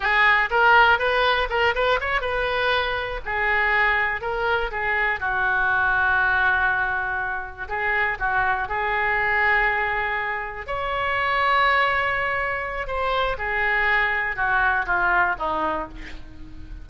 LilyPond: \new Staff \with { instrumentName = "oboe" } { \time 4/4 \tempo 4 = 121 gis'4 ais'4 b'4 ais'8 b'8 | cis''8 b'2 gis'4.~ | gis'8 ais'4 gis'4 fis'4.~ | fis'2.~ fis'8 gis'8~ |
gis'8 fis'4 gis'2~ gis'8~ | gis'4. cis''2~ cis''8~ | cis''2 c''4 gis'4~ | gis'4 fis'4 f'4 dis'4 | }